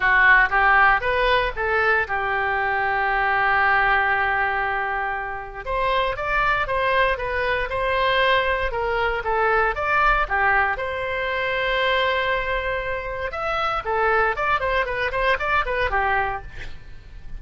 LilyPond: \new Staff \with { instrumentName = "oboe" } { \time 4/4 \tempo 4 = 117 fis'4 g'4 b'4 a'4 | g'1~ | g'2. c''4 | d''4 c''4 b'4 c''4~ |
c''4 ais'4 a'4 d''4 | g'4 c''2.~ | c''2 e''4 a'4 | d''8 c''8 b'8 c''8 d''8 b'8 g'4 | }